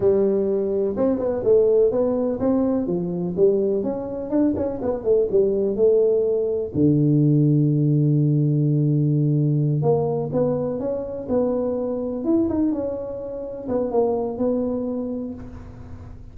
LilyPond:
\new Staff \with { instrumentName = "tuba" } { \time 4/4 \tempo 4 = 125 g2 c'8 b8 a4 | b4 c'4 f4 g4 | cis'4 d'8 cis'8 b8 a8 g4 | a2 d2~ |
d1~ | d8 ais4 b4 cis'4 b8~ | b4. e'8 dis'8 cis'4.~ | cis'8 b8 ais4 b2 | }